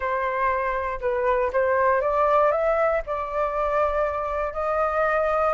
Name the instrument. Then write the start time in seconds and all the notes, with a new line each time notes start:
flute
0.00 C5
1.00 B4
1.52 C5
2.01 D5
2.51 E5
3.06 D5
4.53 D#5